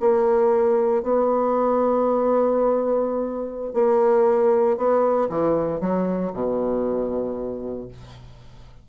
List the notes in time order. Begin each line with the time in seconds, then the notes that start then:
0.00 A#3
1.03 B3
3.74 A#3
4.77 B3
5.29 E3
5.80 F#3
6.33 B2